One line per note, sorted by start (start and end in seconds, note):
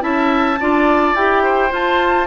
0.00 0.59 C#4
0.00 0.57 E4
0.00 0.59 E5
0.00 1.15 A5
0.60 1.15 D4
0.60 1.16 F4
0.60 1.43 D5
1.15 1.71 E4
1.15 1.70 G4
1.15 1.72 G5
1.43 2.27 C5
1.70 2.27 F4
1.70 2.27 A5